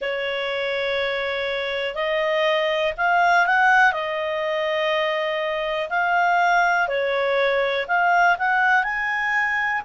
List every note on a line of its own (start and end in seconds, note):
0.01 1.94 C#5
1.94 2.93 D#5
2.97 3.46 F5
3.46 3.92 F#5
3.92 5.88 D#5
5.89 6.88 F5
6.88 7.86 C#5
7.87 8.36 F5
8.38 8.83 F#5
8.83 9.81 G#5